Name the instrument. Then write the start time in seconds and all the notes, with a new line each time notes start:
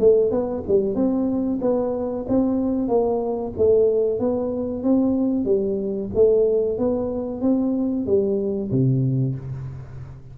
tuba
0.00 A3
0.31 B3
0.68 G3
0.95 C4
1.62 B3
2.29 C4
2.88 A#3
3.57 A3
4.20 B3
4.84 C4
5.45 G3
6.15 A3
6.79 B3
7.42 C4
8.06 G3
8.71 C3